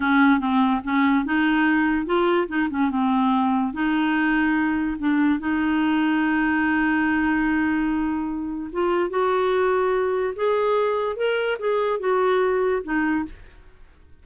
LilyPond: \new Staff \with { instrumentName = "clarinet" } { \time 4/4 \tempo 4 = 145 cis'4 c'4 cis'4 dis'4~ | dis'4 f'4 dis'8 cis'8 c'4~ | c'4 dis'2. | d'4 dis'2.~ |
dis'1~ | dis'4 f'4 fis'2~ | fis'4 gis'2 ais'4 | gis'4 fis'2 dis'4 | }